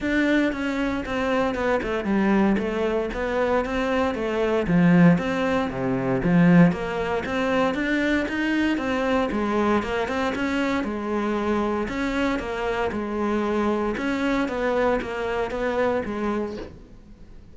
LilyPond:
\new Staff \with { instrumentName = "cello" } { \time 4/4 \tempo 4 = 116 d'4 cis'4 c'4 b8 a8 | g4 a4 b4 c'4 | a4 f4 c'4 c4 | f4 ais4 c'4 d'4 |
dis'4 c'4 gis4 ais8 c'8 | cis'4 gis2 cis'4 | ais4 gis2 cis'4 | b4 ais4 b4 gis4 | }